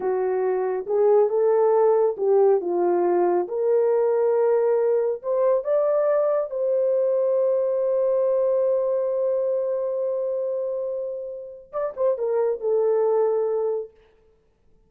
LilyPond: \new Staff \with { instrumentName = "horn" } { \time 4/4 \tempo 4 = 138 fis'2 gis'4 a'4~ | a'4 g'4 f'2 | ais'1 | c''4 d''2 c''4~ |
c''1~ | c''1~ | c''2. d''8 c''8 | ais'4 a'2. | }